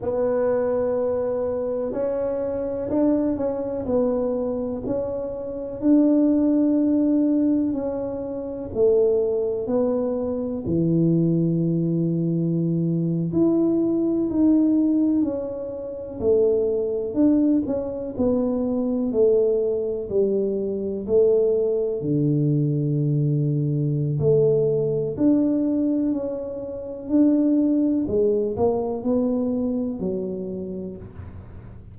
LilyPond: \new Staff \with { instrumentName = "tuba" } { \time 4/4 \tempo 4 = 62 b2 cis'4 d'8 cis'8 | b4 cis'4 d'2 | cis'4 a4 b4 e4~ | e4.~ e16 e'4 dis'4 cis'16~ |
cis'8. a4 d'8 cis'8 b4 a16~ | a8. g4 a4 d4~ d16~ | d4 a4 d'4 cis'4 | d'4 gis8 ais8 b4 fis4 | }